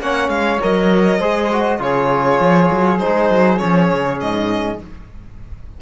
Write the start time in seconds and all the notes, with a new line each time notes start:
0.00 A#3 C#4 C#5 F#5
0.29 G#3 F5
0.61 F#3 A#4 D#5
1.19 G#3 G#4 C5
1.52 F#4
1.79 C#3 F4 G#4 C#5
2.41 F3
2.71 F#3
2.99 D#4 C5
3.06 G#3
3.30 F#3
3.59 F3 C#4 C#5
3.93 C#3
4.21 G#2 D#5